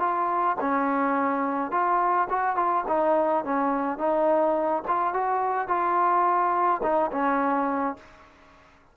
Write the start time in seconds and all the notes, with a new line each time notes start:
0.00 F4
0.61 C#4
1.72 F4
2.30 F#4
2.56 F4
2.88 D#4
3.45 C#4
3.98 D#4
4.88 F4
5.14 F#4
5.68 F4
6.83 D#4
7.12 C#4